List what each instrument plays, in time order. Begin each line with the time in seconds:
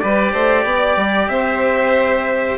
0.00 bassoon G3, cello G4, violin B4, trumpet D5
0.33 bassoon A3, violin C5
0.65 bassoon B3, violin D5
0.97 bassoon G3
1.29 bassoon C4, violin C5, trumpet E5